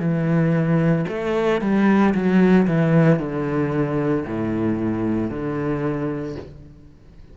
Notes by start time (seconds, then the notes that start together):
0.00 E3
1.09 A3
1.61 G3
2.14 F#3
2.67 E3
3.19 D3
4.26 A2
5.30 D3